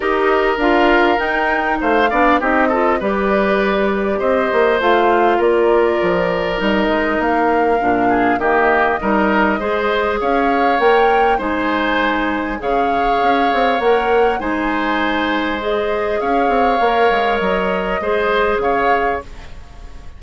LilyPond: <<
  \new Staff \with { instrumentName = "flute" } { \time 4/4 \tempo 4 = 100 dis''4 f''4 g''4 f''4 | dis''4 d''2 dis''4 | f''4 d''2 dis''4 | f''2 dis''2~ |
dis''4 f''4 g''4 gis''4~ | gis''4 f''2 fis''4 | gis''2 dis''4 f''4~ | f''4 dis''2 f''4 | }
  \new Staff \with { instrumentName = "oboe" } { \time 4/4 ais'2. c''8 d''8 | g'8 a'8 b'2 c''4~ | c''4 ais'2.~ | ais'4. gis'8 g'4 ais'4 |
c''4 cis''2 c''4~ | c''4 cis''2. | c''2. cis''4~ | cis''2 c''4 cis''4 | }
  \new Staff \with { instrumentName = "clarinet" } { \time 4/4 g'4 f'4 dis'4. d'8 | dis'8 f'8 g'2. | f'2. dis'4~ | dis'4 d'4 ais4 dis'4 |
gis'2 ais'4 dis'4~ | dis'4 gis'2 ais'4 | dis'2 gis'2 | ais'2 gis'2 | }
  \new Staff \with { instrumentName = "bassoon" } { \time 4/4 dis'4 d'4 dis'4 a8 b8 | c'4 g2 c'8 ais8 | a4 ais4 f4 g8 gis8 | ais4 ais,4 dis4 g4 |
gis4 cis'4 ais4 gis4~ | gis4 cis4 cis'8 c'8 ais4 | gis2. cis'8 c'8 | ais8 gis8 fis4 gis4 cis4 | }
>>